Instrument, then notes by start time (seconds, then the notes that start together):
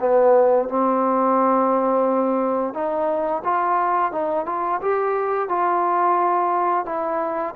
trombone
0.00 B3
0.69 C4
2.74 D#4
3.44 F4
4.12 D#4
4.46 F4
4.82 G4
5.49 F4
6.86 E4